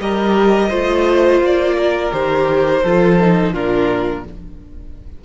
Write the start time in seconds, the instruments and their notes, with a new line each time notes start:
0.00 cello G3, viola G4, violin A#4 D#5
0.69 cello A3, viola F4, violin C5
1.40 cello A#3, violin D5
1.78 violin A#4
2.11 cello D#3, viola G4, violin C5
2.83 cello F3, viola F4, violin A4
3.20 viola D#4
3.53 cello A#2, viola D4, violin F4 A#4